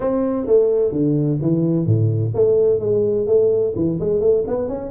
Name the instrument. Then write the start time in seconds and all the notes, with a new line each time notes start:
tuba
0.00 C4
0.46 A3
0.91 D3
1.41 E3
1.86 A2
2.34 A3
2.79 G#3
3.27 A3
3.75 E3
4.00 G#3
4.20 A3
4.47 B3
4.68 C#4